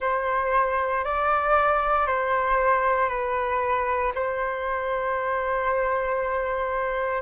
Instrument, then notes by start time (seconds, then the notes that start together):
flute
0.00 C5
1.04 D5
2.06 C5
3.08 B4
4.14 C5